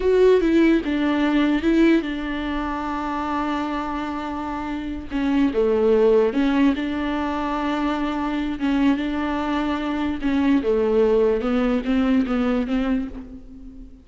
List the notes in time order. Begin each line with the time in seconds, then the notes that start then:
0.00 F#4
0.40 E4
0.84 D4
1.62 E4
2.01 D4
5.11 C#4
5.53 A3
6.33 C#4
6.75 D4
8.59 C#4
8.96 D4
10.21 C#4
10.63 A3
11.41 B3
11.85 C4
12.26 B3
12.67 C4